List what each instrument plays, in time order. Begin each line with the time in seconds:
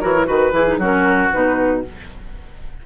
0.00 bassoon E3, clarinet F#4, oboe A#4, flute C#5
0.14 clarinet E4
0.26 bassoon D#3, clarinet F#4, oboe B4, flute B4
0.52 bassoon E3, clarinet E4, flute G#4
0.66 clarinet D#4
0.78 bassoon F#3, clarinet C#4, oboe F#4, flute A#4
1.31 bassoon B2, clarinet D#4, flute B4